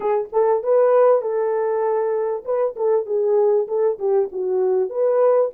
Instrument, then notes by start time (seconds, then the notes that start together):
horn
0.00 G#4
0.32 A4
0.63 B4
1.21 A4
2.44 B4
2.76 A4
3.06 G#4
3.67 A4
3.98 G4
4.32 F#4
4.89 B4